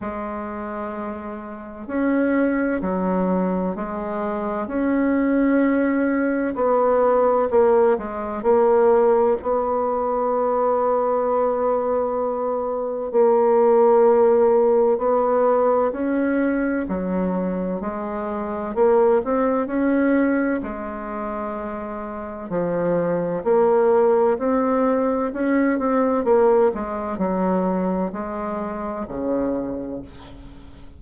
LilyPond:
\new Staff \with { instrumentName = "bassoon" } { \time 4/4 \tempo 4 = 64 gis2 cis'4 fis4 | gis4 cis'2 b4 | ais8 gis8 ais4 b2~ | b2 ais2 |
b4 cis'4 fis4 gis4 | ais8 c'8 cis'4 gis2 | f4 ais4 c'4 cis'8 c'8 | ais8 gis8 fis4 gis4 cis4 | }